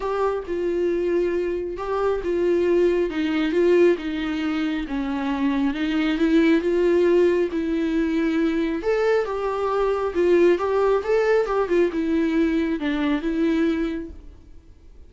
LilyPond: \new Staff \with { instrumentName = "viola" } { \time 4/4 \tempo 4 = 136 g'4 f'2. | g'4 f'2 dis'4 | f'4 dis'2 cis'4~ | cis'4 dis'4 e'4 f'4~ |
f'4 e'2. | a'4 g'2 f'4 | g'4 a'4 g'8 f'8 e'4~ | e'4 d'4 e'2 | }